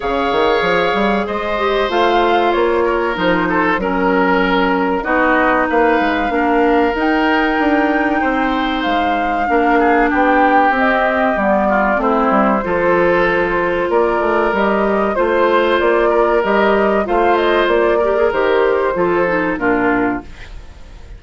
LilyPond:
<<
  \new Staff \with { instrumentName = "flute" } { \time 4/4 \tempo 4 = 95 f''2 dis''4 f''4 | cis''4 c''4 ais'2 | dis''4 f''2 g''4~ | g''2 f''2 |
g''4 dis''4 d''4 c''4~ | c''2 d''4 dis''4 | c''4 d''4 dis''4 f''8 dis''8 | d''4 c''2 ais'4 | }
  \new Staff \with { instrumentName = "oboe" } { \time 4/4 cis''2 c''2~ | c''8 ais'4 a'8 ais'2 | fis'4 b'4 ais'2~ | ais'4 c''2 ais'8 gis'8 |
g'2~ g'8 f'8 e'4 | a'2 ais'2 | c''4. ais'4. c''4~ | c''8 ais'4. a'4 f'4 | }
  \new Staff \with { instrumentName = "clarinet" } { \time 4/4 gis'2~ gis'8 g'8 f'4~ | f'4 dis'4 cis'2 | dis'2 d'4 dis'4~ | dis'2. d'4~ |
d'4 c'4 b4 c'4 | f'2. g'4 | f'2 g'4 f'4~ | f'8 g'16 gis'16 g'4 f'8 dis'8 d'4 | }
  \new Staff \with { instrumentName = "bassoon" } { \time 4/4 cis8 dis8 f8 g8 gis4 a4 | ais4 f4 fis2 | b4 ais8 gis8 ais4 dis'4 | d'4 c'4 gis4 ais4 |
b4 c'4 g4 a8 g8 | f2 ais8 a8 g4 | a4 ais4 g4 a4 | ais4 dis4 f4 ais,4 | }
>>